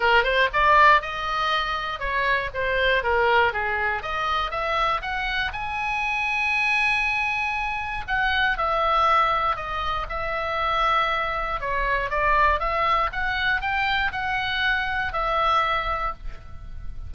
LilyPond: \new Staff \with { instrumentName = "oboe" } { \time 4/4 \tempo 4 = 119 ais'8 c''8 d''4 dis''2 | cis''4 c''4 ais'4 gis'4 | dis''4 e''4 fis''4 gis''4~ | gis''1 |
fis''4 e''2 dis''4 | e''2. cis''4 | d''4 e''4 fis''4 g''4 | fis''2 e''2 | }